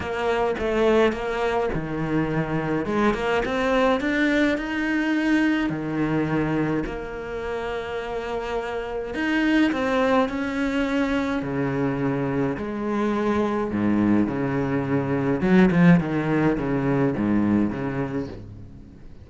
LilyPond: \new Staff \with { instrumentName = "cello" } { \time 4/4 \tempo 4 = 105 ais4 a4 ais4 dis4~ | dis4 gis8 ais8 c'4 d'4 | dis'2 dis2 | ais1 |
dis'4 c'4 cis'2 | cis2 gis2 | gis,4 cis2 fis8 f8 | dis4 cis4 gis,4 cis4 | }